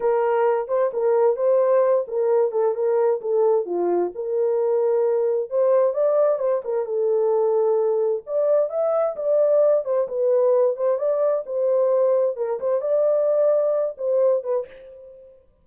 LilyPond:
\new Staff \with { instrumentName = "horn" } { \time 4/4 \tempo 4 = 131 ais'4. c''8 ais'4 c''4~ | c''8 ais'4 a'8 ais'4 a'4 | f'4 ais'2. | c''4 d''4 c''8 ais'8 a'4~ |
a'2 d''4 e''4 | d''4. c''8 b'4. c''8 | d''4 c''2 ais'8 c''8 | d''2~ d''8 c''4 b'8 | }